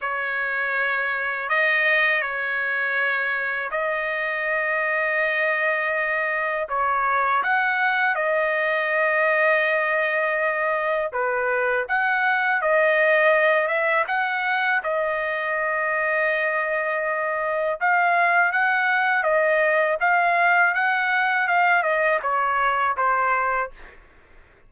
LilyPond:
\new Staff \with { instrumentName = "trumpet" } { \time 4/4 \tempo 4 = 81 cis''2 dis''4 cis''4~ | cis''4 dis''2.~ | dis''4 cis''4 fis''4 dis''4~ | dis''2. b'4 |
fis''4 dis''4. e''8 fis''4 | dis''1 | f''4 fis''4 dis''4 f''4 | fis''4 f''8 dis''8 cis''4 c''4 | }